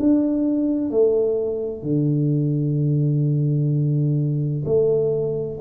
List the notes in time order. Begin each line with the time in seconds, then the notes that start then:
0.00 D4
0.91 A3
1.83 D3
4.66 A3